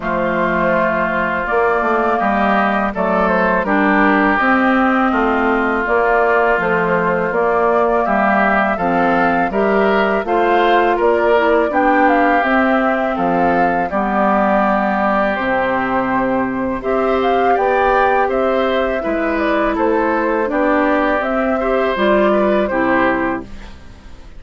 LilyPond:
<<
  \new Staff \with { instrumentName = "flute" } { \time 4/4 \tempo 4 = 82 c''2 d''4 dis''4 | d''8 c''8 ais'4 dis''2 | d''4 c''4 d''4 e''4 | f''4 e''4 f''4 d''4 |
g''8 f''8 e''4 f''4 d''4~ | d''4 c''2 e''8 f''8 | g''4 e''4. d''8 c''4 | d''4 e''4 d''4 c''4 | }
  \new Staff \with { instrumentName = "oboe" } { \time 4/4 f'2. g'4 | a'4 g'2 f'4~ | f'2. g'4 | a'4 ais'4 c''4 ais'4 |
g'2 a'4 g'4~ | g'2. c''4 | d''4 c''4 b'4 a'4 | g'4. c''4 b'8 g'4 | }
  \new Staff \with { instrumentName = "clarinet" } { \time 4/4 a2 ais2 | a4 d'4 c'2 | ais4 f4 ais2 | c'4 g'4 f'4. e'8 |
d'4 c'2 b4~ | b4 c'2 g'4~ | g'2 e'2 | d'4 c'8 g'8 f'4 e'4 | }
  \new Staff \with { instrumentName = "bassoon" } { \time 4/4 f2 ais8 a8 g4 | fis4 g4 c'4 a4 | ais4 a4 ais4 g4 | f4 g4 a4 ais4 |
b4 c'4 f4 g4~ | g4 c2 c'4 | b4 c'4 gis4 a4 | b4 c'4 g4 c4 | }
>>